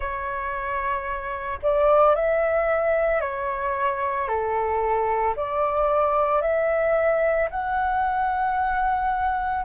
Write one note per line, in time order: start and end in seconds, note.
0.00 1.59 C#5
1.62 2.15 D5
2.15 3.20 E5
3.20 4.28 C#5
4.28 5.35 A4
5.36 6.41 D5
6.41 7.49 E5
7.50 9.64 F#5